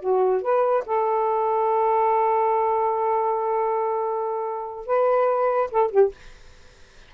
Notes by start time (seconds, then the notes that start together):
0.00 F#4
0.42 B4
0.86 A4
4.86 B4
5.71 A4
5.91 G4